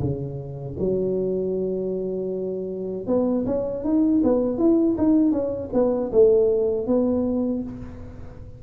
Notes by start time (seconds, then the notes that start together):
0.00 C#3
0.79 F#3
3.07 B3
3.46 C#4
3.84 D#4
4.23 B3
4.58 E4
4.97 D#4
5.32 C#4
5.73 B3
6.12 A3
6.87 B3